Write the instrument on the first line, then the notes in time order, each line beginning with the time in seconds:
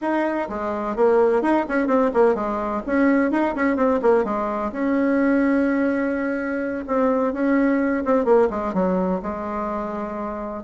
bassoon
0.01 D#4
0.49 G#3
0.96 A#3
1.42 D#4
1.68 C#4
1.87 C4
2.13 A#3
2.35 G#3
2.86 C#4
3.31 D#4
3.55 C#4
3.76 C4
4.02 A#3
4.24 G#3
4.72 C#4
6.87 C4
7.33 C#4
8.04 C4
8.24 A#3
8.49 G#3
8.73 F#3
9.22 G#3